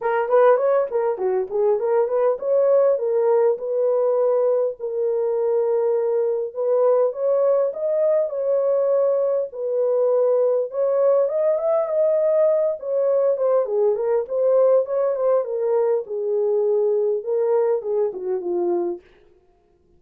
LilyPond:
\new Staff \with { instrumentName = "horn" } { \time 4/4 \tempo 4 = 101 ais'8 b'8 cis''8 ais'8 fis'8 gis'8 ais'8 b'8 | cis''4 ais'4 b'2 | ais'2. b'4 | cis''4 dis''4 cis''2 |
b'2 cis''4 dis''8 e''8 | dis''4. cis''4 c''8 gis'8 ais'8 | c''4 cis''8 c''8 ais'4 gis'4~ | gis'4 ais'4 gis'8 fis'8 f'4 | }